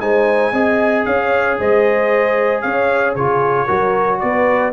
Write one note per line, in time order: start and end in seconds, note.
0.00 0.52 G#3
0.00 0.53 D#4
0.00 0.52 C5
0.00 1.05 G#5
0.52 1.05 C4
0.52 3.17 G#4
0.52 1.05 D#5
1.05 1.59 C#4
1.05 1.59 C#5
1.05 1.57 F5
1.59 2.64 G#3
1.59 2.62 C5
1.59 2.61 D#5
2.61 3.15 C#4
2.61 3.14 C#5
2.61 3.14 F5
3.14 3.68 C#3
3.14 3.67 F4
3.14 3.66 G#4
3.14 4.19 C#5
3.66 4.22 F#3
3.66 4.72 F#4
3.66 4.18 A#4
4.19 4.73 B3
4.19 4.71 D5
4.25 4.73 B4